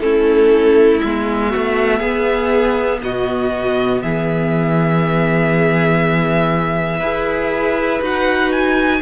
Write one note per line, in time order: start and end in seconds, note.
0.00 1.01 A3
0.00 1.01 C#4
0.00 1.50 E4
0.00 1.00 A4
1.00 1.53 G#3
1.00 7.02 B3
1.00 3.00 E5
1.50 2.00 A3
1.50 1.98 F#4
1.98 3.00 B3
1.98 2.98 G#4
3.02 4.02 B2
3.02 4.03 F#4
3.02 4.02 D#5
4.02 7.00 E3
4.02 6.99 G#4
4.02 8.02 E5
6.99 8.00 E4
6.99 8.02 G#4
6.99 8.99 B4
8.01 9.01 D#4
8.01 9.02 F#4
8.01 8.52 F#5
8.52 9.02 G#5